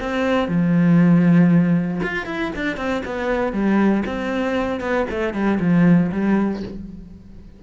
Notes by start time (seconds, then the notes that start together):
0.00 C4
0.48 F3
2.03 F4
2.26 E4
2.55 D4
2.77 C4
3.05 B3
3.52 G3
4.06 C4
4.80 B3
5.10 A3
5.33 G3
5.60 F3
6.12 G3